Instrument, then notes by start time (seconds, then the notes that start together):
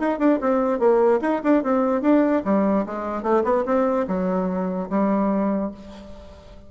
bassoon
0.00 D#4
0.19 D4
0.41 C4
0.79 A#3
1.22 D#4
1.44 D4
1.64 C4
2.02 D4
2.45 G3
2.86 G#3
3.23 A3
3.44 B3
3.66 C4
4.08 F#3
4.90 G3